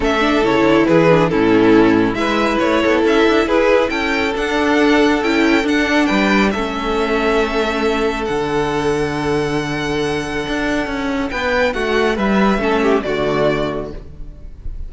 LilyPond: <<
  \new Staff \with { instrumentName = "violin" } { \time 4/4 \tempo 4 = 138 e''4 cis''4 b'4 a'4~ | a'4 e''4 cis''4 e''4 | b'4 g''4 fis''2 | g''4 fis''4 g''4 e''4~ |
e''2. fis''4~ | fis''1~ | fis''2 g''4 fis''4 | e''2 d''2 | }
  \new Staff \with { instrumentName = "violin" } { \time 4/4 a'2 gis'4 e'4~ | e'4 b'4. a'4. | gis'4 a'2.~ | a'2 b'4 a'4~ |
a'1~ | a'1~ | a'2 b'4 fis'4 | b'4 a'8 g'8 fis'2 | }
  \new Staff \with { instrumentName = "viola" } { \time 4/4 cis'8 d'8 e'4. d'8 cis'4~ | cis'4 e'2.~ | e'2 d'2 | e'4 d'2 cis'4~ |
cis'2. d'4~ | d'1~ | d'1~ | d'4 cis'4 a2 | }
  \new Staff \with { instrumentName = "cello" } { \time 4/4 a4 cis8 d8 e4 a,4~ | a,4 gis4 a8 b8 cis'8 d'8 | e'4 cis'4 d'2 | cis'4 d'4 g4 a4~ |
a2. d4~ | d1 | d'4 cis'4 b4 a4 | g4 a4 d2 | }
>>